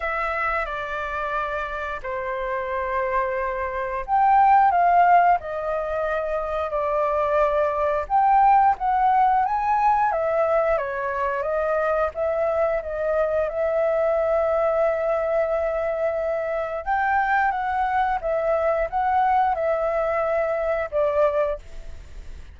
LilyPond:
\new Staff \with { instrumentName = "flute" } { \time 4/4 \tempo 4 = 89 e''4 d''2 c''4~ | c''2 g''4 f''4 | dis''2 d''2 | g''4 fis''4 gis''4 e''4 |
cis''4 dis''4 e''4 dis''4 | e''1~ | e''4 g''4 fis''4 e''4 | fis''4 e''2 d''4 | }